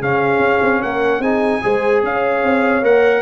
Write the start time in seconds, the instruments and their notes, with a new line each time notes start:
0.00 tuba C#3, trombone C#4, horn G#4, trumpet F5
0.39 tuba C#4
0.62 tuba C4
0.81 tuba A#3, horn A#4, trumpet F#5
1.19 tuba C4, trombone D#4, horn G#4, trumpet G#5
1.62 tuba G#3, trombone G#4, horn C5
2.03 tuba C#4, horn C#5, trumpet F5
2.43 tuba C4
2.82 tuba A#3, trombone A#4, trumpet F#5